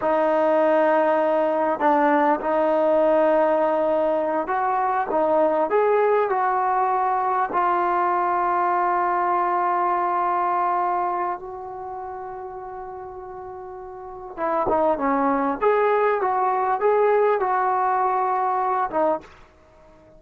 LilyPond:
\new Staff \with { instrumentName = "trombone" } { \time 4/4 \tempo 4 = 100 dis'2. d'4 | dis'2.~ dis'8 fis'8~ | fis'8 dis'4 gis'4 fis'4.~ | fis'8 f'2.~ f'8~ |
f'2. fis'4~ | fis'1 | e'8 dis'8 cis'4 gis'4 fis'4 | gis'4 fis'2~ fis'8 dis'8 | }